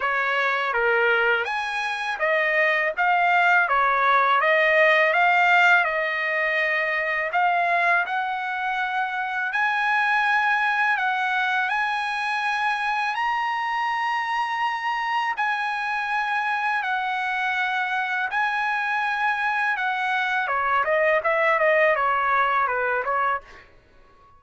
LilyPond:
\new Staff \with { instrumentName = "trumpet" } { \time 4/4 \tempo 4 = 82 cis''4 ais'4 gis''4 dis''4 | f''4 cis''4 dis''4 f''4 | dis''2 f''4 fis''4~ | fis''4 gis''2 fis''4 |
gis''2 ais''2~ | ais''4 gis''2 fis''4~ | fis''4 gis''2 fis''4 | cis''8 dis''8 e''8 dis''8 cis''4 b'8 cis''8 | }